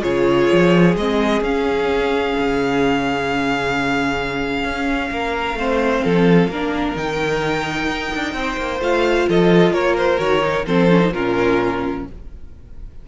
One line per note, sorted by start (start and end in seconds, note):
0.00 0.49 C#3
0.00 0.94 F4
0.00 5.08 G#4
0.00 0.95 C#5
0.52 0.96 F3
0.96 1.41 G#3
0.96 1.43 C4
0.96 1.43 D#5
1.41 2.33 C#4
1.41 5.57 C#4
1.41 6.96 F5
2.38 4.64 C#3
4.64 5.10 C#4
5.11 5.54 A#3
5.11 5.58 A#4
5.54 6.00 A3
5.54 6.50 C4
5.54 6.04 C5
6.04 6.48 F3
6.04 6.50 A4
6.48 6.94 A#3
6.48 6.96 D4
6.48 8.34 A#4
6.96 7.88 D#3
6.96 8.81 D#4
6.96 8.81 G5
7.88 8.11 D#4
8.15 8.33 D4
8.33 8.57 C4
8.33 9.28 C5
8.57 8.80 A#3
8.80 9.26 A3
8.80 10.18 F4
8.80 9.29 F5
9.28 9.71 F3
9.28 9.73 A4
9.28 9.73 D#5
9.71 10.17 A#3
9.71 10.65 A#4
9.71 9.96 C#5
9.97 10.19 C5
10.18 10.65 D#3
10.18 10.40 F#4
10.18 10.65 C#5
10.40 10.64 D#4
10.66 11.11 F3
10.66 10.90 C4
10.66 11.12 A4
10.66 11.13 C5
10.90 11.00 C#4
11.00 11.11 D#4
11.11 12.03 A#2
11.11 12.08 C#4
11.11 12.06 F4
11.11 12.05 A#4